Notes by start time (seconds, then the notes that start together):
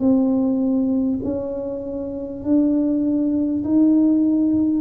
0.00 C4
1.23 C#4
2.44 D4
3.64 D#4